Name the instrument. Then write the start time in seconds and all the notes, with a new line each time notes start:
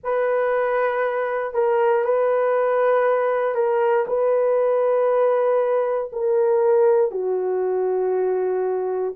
horn
0.03 B4
1.53 A#4
2.04 B4
3.54 A#4
4.07 B4
6.12 A#4
7.11 F#4